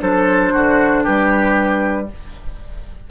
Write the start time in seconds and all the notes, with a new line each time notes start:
0.00 F#3 D4 A4 C5
0.53 D3 F#4
1.04 G3 G4 B4